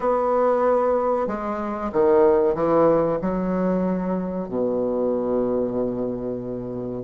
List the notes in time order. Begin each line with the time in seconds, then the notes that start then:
0.00 B3
1.27 G#3
1.92 D#3
2.54 E3
3.21 F#3
4.48 B2